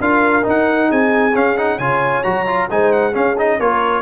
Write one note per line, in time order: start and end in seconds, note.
0.00 0.45 D4
0.00 0.43 F4
0.00 0.89 A#4
0.00 0.46 F5
0.43 1.32 D#4
0.43 0.91 D#4
0.49 0.91 F#5
0.89 1.35 C4
0.89 1.78 G#4
0.89 1.36 G#5
1.34 1.57 C#4
1.34 1.79 C#4
1.34 1.57 F5
1.57 1.80 D#4
1.57 1.79 F#5
1.78 2.24 C#3
1.78 2.24 F4
1.78 2.68 C#5
1.78 2.23 G#5
2.24 2.70 F#3
2.24 2.46 F#4
2.24 2.68 A#5
2.47 2.69 F4
2.70 3.15 G#3
2.70 3.13 D#4
2.70 3.12 C5
2.70 2.92 G#5
2.92 3.15 F#5
3.12 3.35 C#4
3.12 3.60 C#4
3.12 3.57 G#4
3.12 3.37 F5
3.38 3.60 D#4
3.38 3.60 D#5
3.60 4.02 A#3
3.60 4.02 F4
3.60 4.02 A#4
3.60 4.02 C#5